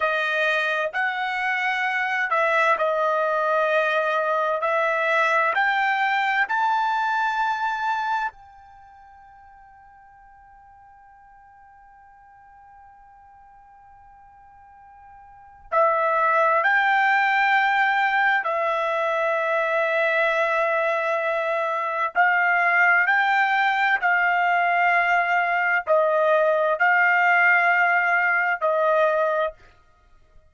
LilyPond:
\new Staff \with { instrumentName = "trumpet" } { \time 4/4 \tempo 4 = 65 dis''4 fis''4. e''8 dis''4~ | dis''4 e''4 g''4 a''4~ | a''4 g''2.~ | g''1~ |
g''4 e''4 g''2 | e''1 | f''4 g''4 f''2 | dis''4 f''2 dis''4 | }